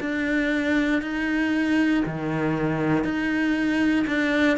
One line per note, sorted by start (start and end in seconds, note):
0.00 1.02 D4
1.02 2.03 D#4
2.06 3.04 D#3
3.04 4.06 D#4
4.07 4.57 D4